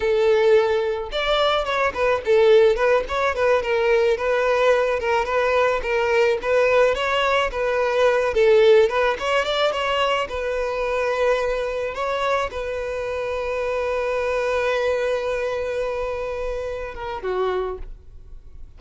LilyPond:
\new Staff \with { instrumentName = "violin" } { \time 4/4 \tempo 4 = 108 a'2 d''4 cis''8 b'8 | a'4 b'8 cis''8 b'8 ais'4 b'8~ | b'4 ais'8 b'4 ais'4 b'8~ | b'8 cis''4 b'4. a'4 |
b'8 cis''8 d''8 cis''4 b'4.~ | b'4. cis''4 b'4.~ | b'1~ | b'2~ b'8 ais'8 fis'4 | }